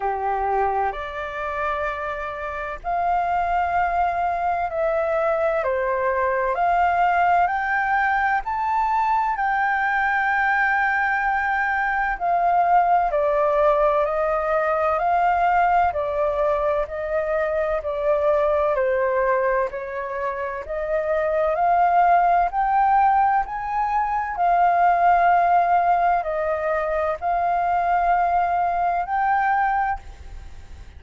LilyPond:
\new Staff \with { instrumentName = "flute" } { \time 4/4 \tempo 4 = 64 g'4 d''2 f''4~ | f''4 e''4 c''4 f''4 | g''4 a''4 g''2~ | g''4 f''4 d''4 dis''4 |
f''4 d''4 dis''4 d''4 | c''4 cis''4 dis''4 f''4 | g''4 gis''4 f''2 | dis''4 f''2 g''4 | }